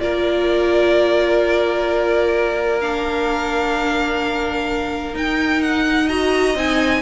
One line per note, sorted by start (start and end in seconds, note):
0.00 5.15 A#3
0.00 2.81 F4
0.00 6.06 A#4
0.00 2.81 D5
2.81 5.14 D4
2.81 5.15 F5
5.14 6.07 D#4
5.14 6.55 D#4
5.14 5.62 G5
5.62 6.09 F#5
6.06 6.56 F#4
6.06 7.00 D#5
6.06 6.56 A#5
6.55 7.02 C4
6.55 7.02 D#4
6.55 7.02 G#5